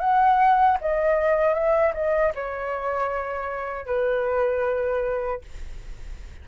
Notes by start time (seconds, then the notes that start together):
0.00 F#5
0.81 D#5
1.54 E5
1.94 D#5
2.35 C#5
3.86 B4